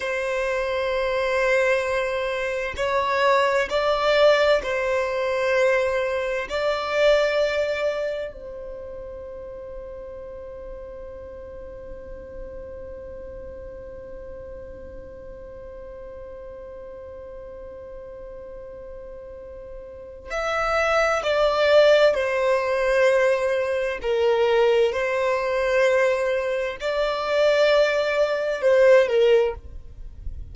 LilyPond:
\new Staff \with { instrumentName = "violin" } { \time 4/4 \tempo 4 = 65 c''2. cis''4 | d''4 c''2 d''4~ | d''4 c''2.~ | c''1~ |
c''1~ | c''2 e''4 d''4 | c''2 ais'4 c''4~ | c''4 d''2 c''8 ais'8 | }